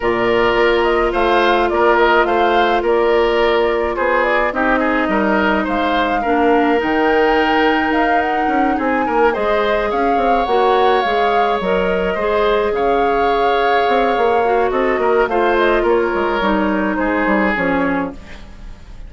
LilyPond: <<
  \new Staff \with { instrumentName = "flute" } { \time 4/4 \tempo 4 = 106 d''4. dis''8 f''4 d''8 dis''8 | f''4 d''2 c''8 d''8 | dis''2 f''2 | g''2 f''8 fis''4 gis''8~ |
gis''8 dis''4 f''4 fis''4 f''8~ | f''8 dis''2 f''4.~ | f''2 dis''4 f''8 dis''8 | cis''2 c''4 cis''4 | }
  \new Staff \with { instrumentName = "oboe" } { \time 4/4 ais'2 c''4 ais'4 | c''4 ais'2 gis'4 | g'8 gis'8 ais'4 c''4 ais'4~ | ais'2.~ ais'8 gis'8 |
ais'8 c''4 cis''2~ cis''8~ | cis''4. c''4 cis''4.~ | cis''2 a'8 ais'8 c''4 | ais'2 gis'2 | }
  \new Staff \with { instrumentName = "clarinet" } { \time 4/4 f'1~ | f'1 | dis'2. d'4 | dis'1~ |
dis'8 gis'2 fis'4 gis'8~ | gis'8 ais'4 gis'2~ gis'8~ | gis'4. fis'4. f'4~ | f'4 dis'2 cis'4 | }
  \new Staff \with { instrumentName = "bassoon" } { \time 4/4 ais,4 ais4 a4 ais4 | a4 ais2 b4 | c'4 g4 gis4 ais4 | dis2 dis'4 cis'8 c'8 |
ais8 gis4 cis'8 c'8 ais4 gis8~ | gis8 fis4 gis4 cis4.~ | cis8 c'8 ais4 c'8 ais8 a4 | ais8 gis8 g4 gis8 g8 f4 | }
>>